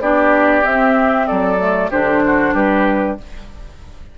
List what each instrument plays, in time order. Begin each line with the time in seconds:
0.00 bassoon B3, clarinet D4, oboe G4, flute D5
0.63 clarinet C4, bassoon C4, flute E5
1.27 bassoon F#3, oboe A4, flute D5
1.59 clarinet A3
1.90 bassoon D3, clarinet D4, oboe G4, flute C5
2.26 oboe F#4
2.54 bassoon G3, oboe G4, flute B4